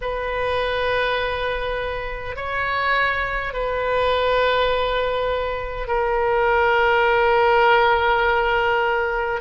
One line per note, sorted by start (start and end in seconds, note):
0.01 2.35 B4
2.35 3.53 C#5
3.53 5.87 B4
5.87 9.40 A#4